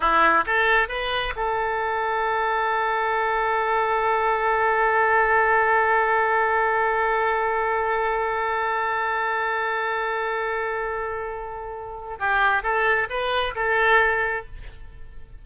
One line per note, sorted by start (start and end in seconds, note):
0.00 0.44 E4
0.46 0.88 A4
0.88 1.33 B4
1.35 12.18 A4
12.19 12.63 G4
12.63 13.08 A4
13.09 13.55 B4
13.55 14.45 A4